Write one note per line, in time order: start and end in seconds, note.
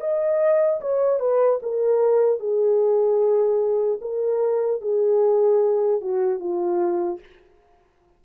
0.00 0.80 D#5
0.80 1.19 C#5
1.19 1.59 B4
1.62 2.39 A#4
2.39 3.99 G#4
4.01 4.81 A#4
4.81 6.01 G#4
6.01 6.39 F#4
6.39 7.19 F4